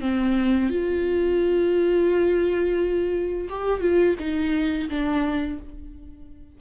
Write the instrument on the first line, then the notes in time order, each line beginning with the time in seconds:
viola
0.00 C4
0.69 F4
3.49 G4
3.81 F4
4.19 D#4
4.89 D4